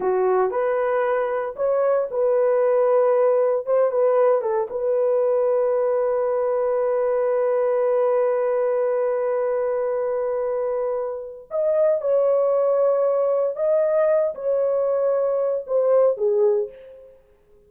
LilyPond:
\new Staff \with { instrumentName = "horn" } { \time 4/4 \tempo 4 = 115 fis'4 b'2 cis''4 | b'2. c''8 b'8~ | b'8 a'8 b'2.~ | b'1~ |
b'1~ | b'2 dis''4 cis''4~ | cis''2 dis''4. cis''8~ | cis''2 c''4 gis'4 | }